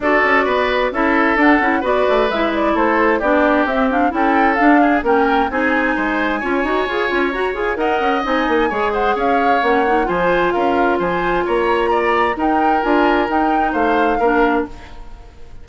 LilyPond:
<<
  \new Staff \with { instrumentName = "flute" } { \time 4/4 \tempo 4 = 131 d''2 e''4 fis''4 | d''4 e''8 d''8 c''4 d''4 | e''8 f''8 g''4 f''4 g''4 | gis''1 |
ais''8 gis''8 fis''4 gis''4. fis''8 | f''4 fis''4 gis''4 f''4 | gis''4 ais''2 g''4 | gis''4 g''4 f''2 | }
  \new Staff \with { instrumentName = "oboe" } { \time 4/4 a'4 b'4 a'2 | b'2 a'4 g'4~ | g'4 a'4. gis'8 ais'4 | gis'4 c''4 cis''2~ |
cis''4 dis''2 cis''8 c''8 | cis''2 c''4 ais'4 | c''4 cis''4 d''4 ais'4~ | ais'2 c''4 ais'4 | }
  \new Staff \with { instrumentName = "clarinet" } { \time 4/4 fis'2 e'4 d'8 e'8 | fis'4 e'2 d'4 | c'8 d'8 e'4 d'4 cis'4 | dis'2 f'8 fis'8 gis'8 f'8 |
fis'8 gis'8 ais'4 dis'4 gis'4~ | gis'4 cis'8 dis'8 f'2~ | f'2. dis'4 | f'4 dis'2 d'4 | }
  \new Staff \with { instrumentName = "bassoon" } { \time 4/4 d'8 cis'8 b4 cis'4 d'8 cis'8 | b8 a8 gis4 a4 b4 | c'4 cis'4 d'4 ais4 | c'4 gis4 cis'8 dis'8 f'8 cis'8 |
fis'8 f'8 dis'8 cis'8 c'8 ais8 gis4 | cis'4 ais4 f4 cis'4 | f4 ais2 dis'4 | d'4 dis'4 a4 ais4 | }
>>